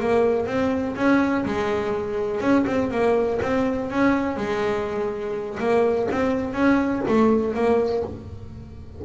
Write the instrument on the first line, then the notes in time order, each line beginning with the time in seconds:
double bass
0.00 A#3
0.47 C4
0.96 C#4
1.45 G#3
2.41 C#4
2.67 C4
2.91 A#3
3.42 C4
3.90 C#4
4.37 G#3
5.59 A#3
6.11 C4
6.53 C#4
7.08 A3
7.54 A#3